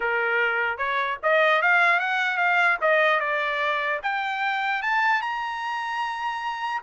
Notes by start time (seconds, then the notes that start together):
0.00 A#4
0.77 C#5
1.23 D#5
1.62 F5
1.99 F#5
2.37 F5
2.81 D#5
3.20 D5
4.03 G5
4.82 A5
5.21 A#5